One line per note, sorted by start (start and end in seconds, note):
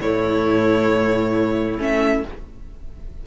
0.00 1.78 A2
0.00 1.79 A3
0.00 2.24 E4
0.00 1.80 C#5
1.78 2.22 A3
1.78 2.24 C#4
1.78 2.26 E5